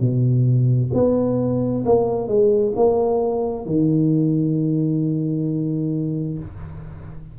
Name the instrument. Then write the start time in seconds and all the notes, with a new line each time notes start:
tuba
0.00 B2
0.93 B3
1.86 A#3
2.28 G#3
2.76 A#3
3.66 D#3